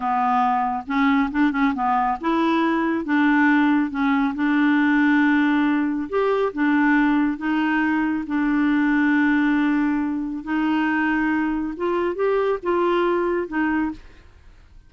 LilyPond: \new Staff \with { instrumentName = "clarinet" } { \time 4/4 \tempo 4 = 138 b2 cis'4 d'8 cis'8 | b4 e'2 d'4~ | d'4 cis'4 d'2~ | d'2 g'4 d'4~ |
d'4 dis'2 d'4~ | d'1 | dis'2. f'4 | g'4 f'2 dis'4 | }